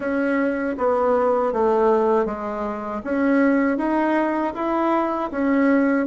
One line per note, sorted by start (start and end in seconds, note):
0.00 0.76 C#4
0.77 1.52 B3
1.52 2.25 A3
2.25 3.01 G#3
3.04 3.77 C#4
3.77 4.53 D#4
4.54 5.30 E4
5.31 6.06 C#4